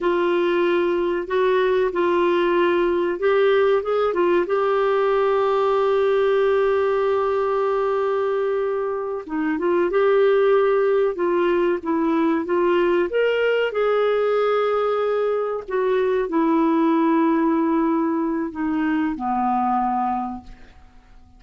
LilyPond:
\new Staff \with { instrumentName = "clarinet" } { \time 4/4 \tempo 4 = 94 f'2 fis'4 f'4~ | f'4 g'4 gis'8 f'8 g'4~ | g'1~ | g'2~ g'8 dis'8 f'8 g'8~ |
g'4. f'4 e'4 f'8~ | f'8 ais'4 gis'2~ gis'8~ | gis'8 fis'4 e'2~ e'8~ | e'4 dis'4 b2 | }